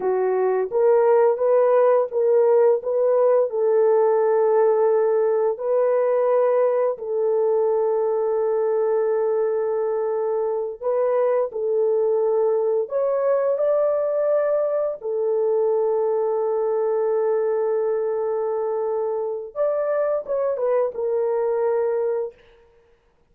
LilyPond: \new Staff \with { instrumentName = "horn" } { \time 4/4 \tempo 4 = 86 fis'4 ais'4 b'4 ais'4 | b'4 a'2. | b'2 a'2~ | a'2.~ a'8 b'8~ |
b'8 a'2 cis''4 d''8~ | d''4. a'2~ a'8~ | a'1 | d''4 cis''8 b'8 ais'2 | }